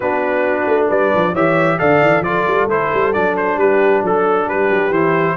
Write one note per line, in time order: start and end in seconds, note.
0.00 0.66 B3
0.00 1.35 D4
0.00 0.87 F#4
0.00 0.87 B4
0.66 0.89 A3
0.87 1.12 G3
0.87 1.32 B4
0.87 1.35 D5
1.14 1.34 F3
1.32 1.78 E3
1.32 1.78 G4
1.32 1.77 C#5
1.32 1.78 E5
1.78 2.01 D3
1.78 2.23 A4
1.78 2.24 D5
1.78 2.23 F5
2.01 2.21 E3
2.21 2.43 F3
2.21 2.69 F4
2.21 3.59 A4
2.21 2.68 D5
2.47 2.66 G3
2.66 2.89 A3
2.66 3.13 E4
2.66 3.13 C5
2.93 3.15 G3
3.13 3.56 F#3
3.13 4.92 D4
3.13 3.35 D5
3.36 3.58 C5
3.56 4.01 G3
3.56 4.03 G4
3.56 4.03 B4
4.03 4.46 F#3
4.03 4.44 A4
4.03 4.48 A4
4.44 4.68 G3
4.44 5.34 G4
4.44 4.92 B4
4.69 4.90 F#3
4.90 5.35 E3
4.90 5.37 E4
4.90 5.37 C5